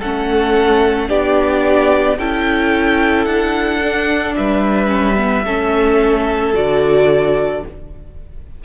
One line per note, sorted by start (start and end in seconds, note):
0.00 1.10 A3
0.00 1.09 C#4
0.00 1.09 A4
0.00 1.10 F#5
1.09 2.19 B3
1.09 2.18 D4
1.09 2.18 G4
1.09 2.19 D5
2.19 3.27 C#4
2.19 3.83 E4
2.19 4.37 A4
2.19 3.25 G5
3.25 4.36 D4
3.25 4.34 F#5
3.83 4.87 D4
4.36 5.45 G3
4.36 5.46 B4
4.36 6.55 E5
4.87 5.15 C#4
5.17 5.44 B3
5.45 6.54 A3
5.45 6.54 C#4
5.45 7.64 A4
6.54 7.63 D3
6.54 7.63 F#4
6.54 7.65 D5